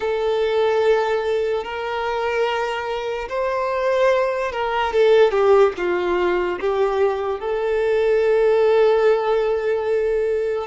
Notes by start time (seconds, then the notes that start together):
0.00 A4
1.64 A#4
3.28 C5
4.52 A#4
4.92 A4
5.31 G4
5.77 F4
6.59 G4
7.39 A4